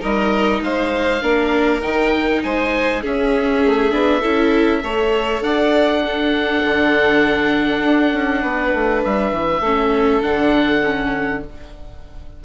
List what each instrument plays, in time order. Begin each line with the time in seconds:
0.00 bassoon G3, viola D#4, violin A#4, oboe D#5
0.61 bassoon G#3, violin C5, oboe F5
1.22 bassoon A#3, viola D4, violin A#4
1.82 bassoon D#3, viola D#4, oboe G5
2.43 bassoon G#3, violin C5, oboe G#5
3.02 viola C#4, bassoon C#4, violin G#4, oboe E5
3.65 bassoon A3
3.91 bassoon B3, viola D4
4.20 bassoon C#4, viola E4, violin A4
4.83 bassoon A3, viola A4, violin C#5
5.41 bassoon D4, violin D5, oboe F#5
6.03 viola D4, violin A4
6.64 bassoon D3
7.83 bassoon D4
8.13 bassoon C#4
8.42 bassoon B3, violin B4
8.73 bassoon A3
9.04 bassoon G3, oboe E5
9.32 bassoon E3
9.60 bassoon A3, viola C#4, violin A4
10.21 bassoon D3, viola D4, oboe F#5
10.84 viola C#4